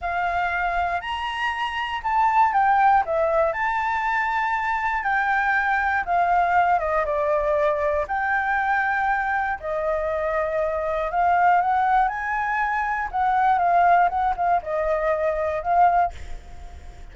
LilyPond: \new Staff \with { instrumentName = "flute" } { \time 4/4 \tempo 4 = 119 f''2 ais''2 | a''4 g''4 e''4 a''4~ | a''2 g''2 | f''4. dis''8 d''2 |
g''2. dis''4~ | dis''2 f''4 fis''4 | gis''2 fis''4 f''4 | fis''8 f''8 dis''2 f''4 | }